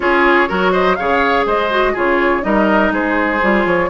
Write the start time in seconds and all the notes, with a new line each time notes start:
0.00 C#4 F4 G#4 C#5
0.47 F#3 F#4 A#4
0.72 C5 D#5
0.95 C#3 G#4 C#5 F5
1.46 G#3 C5 D#5
1.70 F#4
1.92 C#3 F4 G#4 C#5
2.41 G3 D#4 A#4 D#5
2.91 G#3 G#4 C5
3.42 G3 F4
3.65 F3 C#5